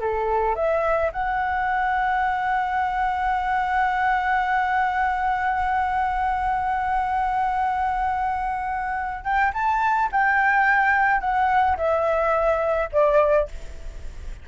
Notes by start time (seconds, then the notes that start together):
0.00 A4
0.55 E5
1.12 F#5
9.24 G5
9.53 A5
10.12 G5
11.20 F#5
11.77 E5
12.92 D5